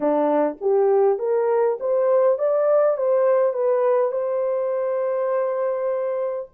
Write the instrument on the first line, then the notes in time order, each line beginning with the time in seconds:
horn
0.00 D4
0.60 G4
1.18 A#4
1.80 C5
2.38 D5
2.97 C5
3.53 B4
4.11 C5